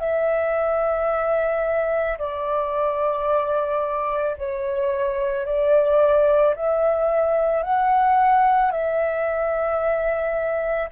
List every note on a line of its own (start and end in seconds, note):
0.00 2.18 E5
2.18 4.36 D5
4.38 5.45 C#5
5.45 6.55 D5
6.56 7.63 E5
7.63 8.71 F#5
8.71 10.89 E5